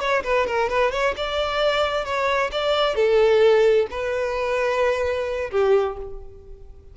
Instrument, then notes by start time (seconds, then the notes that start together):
violin
0.00 C#5
0.24 B4
0.47 A#4
0.69 B4
0.91 C#5
1.17 D5
2.05 C#5
2.52 D5
2.95 A4
3.90 B4
5.51 G4